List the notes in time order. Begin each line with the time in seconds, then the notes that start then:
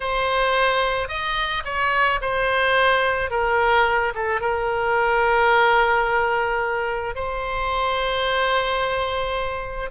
0.00 C5
1.08 D#5
1.64 C#5
2.21 C5
3.30 A#4
4.14 A4
4.40 A#4
7.15 C5